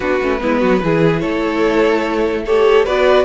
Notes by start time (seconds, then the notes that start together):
0.00 B3 D4 F#4 B4
0.21 A3 C#4
0.40 G#3 B3 E4
0.59 F#3 F#4
0.83 E3 E4 G#4
1.19 A3 A4 C#5
2.45 G4 A4 C#5
2.84 B3 F#4 B4 D5